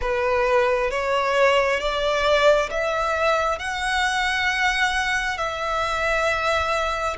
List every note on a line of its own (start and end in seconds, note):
0.01 0.90 B4
0.90 1.80 C#5
1.80 2.69 D5
2.70 3.58 E5
3.58 5.37 F#5
5.37 7.16 E5